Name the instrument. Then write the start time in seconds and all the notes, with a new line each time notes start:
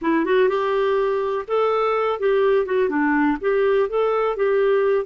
clarinet
0.01 E4
0.25 F#4
0.48 G4
1.47 A4
2.19 G4
2.65 F#4
2.89 D4
3.40 G4
3.89 A4
4.36 G4